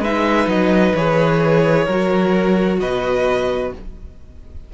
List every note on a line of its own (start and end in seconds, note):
0.00 0.46 G#3
0.00 0.97 D#4
0.00 1.85 B4
0.00 0.49 E5
0.47 0.93 F#3
0.47 0.95 D#5
0.95 1.87 E3
0.95 1.89 G#4
0.95 2.80 C#5
1.85 2.80 F#3
1.85 3.74 F#4
1.85 2.78 A#4
2.80 3.73 B2
2.80 3.74 B4
2.80 3.72 D#5